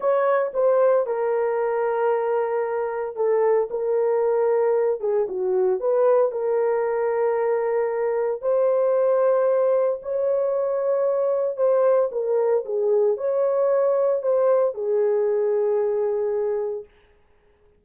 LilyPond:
\new Staff \with { instrumentName = "horn" } { \time 4/4 \tempo 4 = 114 cis''4 c''4 ais'2~ | ais'2 a'4 ais'4~ | ais'4. gis'8 fis'4 b'4 | ais'1 |
c''2. cis''4~ | cis''2 c''4 ais'4 | gis'4 cis''2 c''4 | gis'1 | }